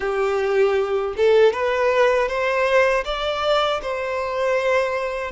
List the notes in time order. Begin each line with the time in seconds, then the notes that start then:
0.00 G4
1.16 A4
1.53 B4
2.28 C5
3.04 D5
3.81 C5